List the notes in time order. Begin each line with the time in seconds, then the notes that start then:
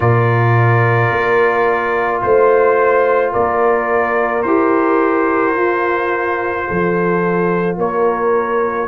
0.00 A#2 F4 A#4 D5
1.11 A#3
2.21 A3 C5
3.32 A#3 A#4 D5
4.42 E4 G4 C5
5.55 F4
6.67 F3 A4
7.77 A#3 A#4 C#5